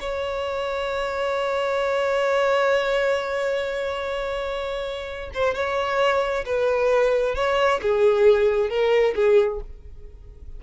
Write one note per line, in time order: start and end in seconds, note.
0.00 5.30 C#5
5.34 5.54 C5
5.54 6.45 C#5
6.46 7.35 B4
7.35 7.80 C#5
7.82 8.69 G#4
8.69 9.14 A#4
9.15 9.60 G#4